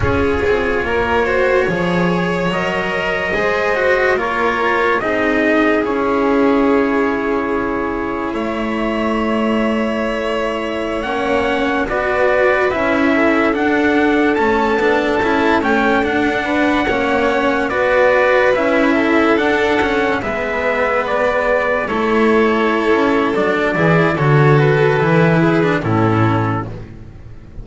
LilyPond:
<<
  \new Staff \with { instrumentName = "trumpet" } { \time 4/4 \tempo 4 = 72 cis''2. dis''4~ | dis''4 cis''4 dis''4 cis''4~ | cis''2 e''2~ | e''4~ e''16 fis''4 d''4 e''8.~ |
e''16 fis''4 a''4. g''8 fis''8.~ | fis''4~ fis''16 d''4 e''4 fis''8.~ | fis''16 e''4 d''4 cis''4.~ cis''16 | d''4 cis''8 b'4. a'4 | }
  \new Staff \with { instrumentName = "violin" } { \time 4/4 gis'4 ais'8 c''8 cis''2 | c''4 ais'4 gis'2~ | gis'2 cis''2~ | cis''2~ cis''16 b'4. a'16~ |
a'2.~ a'8. b'16~ | b'16 cis''4 b'4. a'4~ a'16~ | a'16 b'2 a'4.~ a'16~ | a'8 gis'8 a'4. gis'8 e'4 | }
  \new Staff \with { instrumentName = "cello" } { \time 4/4 f'4. fis'8 gis'4 ais'4 | gis'8 fis'8 f'4 dis'4 e'4~ | e'1~ | e'4~ e'16 cis'4 fis'4 e'8.~ |
e'16 d'4 cis'8 d'8 e'8 cis'8 d'8.~ | d'16 cis'4 fis'4 e'4 d'8 cis'16~ | cis'16 b2 e'4.~ e'16 | d'8 e'8 fis'4 e'8. d'16 cis'4 | }
  \new Staff \with { instrumentName = "double bass" } { \time 4/4 cis'8 c'8 ais4 f4 fis4 | gis4 ais4 c'4 cis'4~ | cis'2 a2~ | a4~ a16 ais4 b4 cis'8.~ |
cis'16 d'4 a8 b8 cis'8 a8 d'8.~ | d'16 ais4 b4 cis'4 d'8.~ | d'16 gis2 a4~ a16 cis'8 | fis8 e8 d4 e4 a,4 | }
>>